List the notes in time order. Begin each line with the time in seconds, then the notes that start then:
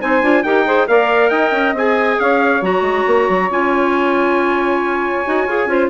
0.00 C4 D#4 C5 G#5
0.22 D4 F4
0.43 D#4 G4 A#4 G5
0.66 G#4 C5
0.87 A#3 A#4 D5 F5
1.29 D#4 D#5 G5
1.51 C#4
1.73 C4 G#4 G#5
2.19 C#4 C#5 F5
2.61 F#3 F#4 A#5
2.81 G#3
3.06 A#3
3.29 F#3
3.50 C#4 F4 G#5
5.25 D#4 F#4
5.46 F4 G#4
5.66 C#4 F4 C5